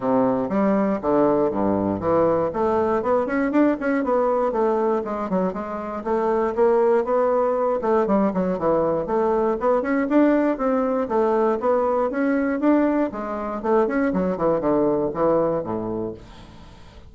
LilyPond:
\new Staff \with { instrumentName = "bassoon" } { \time 4/4 \tempo 4 = 119 c4 g4 d4 g,4 | e4 a4 b8 cis'8 d'8 cis'8 | b4 a4 gis8 fis8 gis4 | a4 ais4 b4. a8 |
g8 fis8 e4 a4 b8 cis'8 | d'4 c'4 a4 b4 | cis'4 d'4 gis4 a8 cis'8 | fis8 e8 d4 e4 a,4 | }